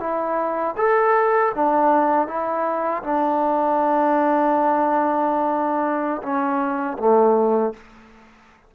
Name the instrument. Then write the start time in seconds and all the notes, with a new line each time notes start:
trombone
0.00 E4
0.77 A4
1.55 D4
2.28 E4
3.03 D4
6.22 C#4
6.99 A3